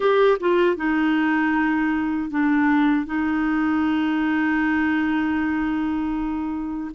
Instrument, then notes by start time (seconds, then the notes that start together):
clarinet
0.00 G4
0.40 F4
0.76 D#4
2.30 D4
3.06 D#4